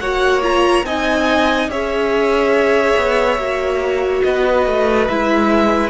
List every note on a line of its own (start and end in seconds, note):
0.00 0.84 A#3
0.00 0.43 F#4
0.00 0.86 C#5
0.00 0.42 F#5
0.43 0.85 F4
0.43 0.86 A#5
0.84 1.69 C4
0.84 1.70 D#4
0.84 1.71 D#5
0.84 1.71 G#5
1.69 2.95 C#4
1.69 3.39 G#4
1.69 4.25 C#5
1.69 4.24 E5
2.97 3.38 B3
3.38 4.23 A#3
3.38 5.09 F#4
4.24 4.67 B3
4.24 5.91 B4
4.24 5.09 D#5
4.67 5.09 A3
5.09 5.91 G#3
5.09 5.91 E4
5.09 5.91 E5